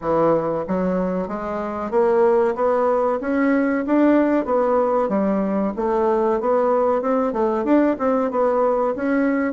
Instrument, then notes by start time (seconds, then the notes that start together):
bassoon
0.01 E3
0.67 F#3
1.28 G#3
1.91 A#3
2.55 B3
3.21 C#4
3.86 D4
4.45 B3
5.09 G3
5.76 A3
6.40 B3
7.01 C4
7.32 A3
7.64 D4
7.98 C4
8.30 B3
8.95 C#4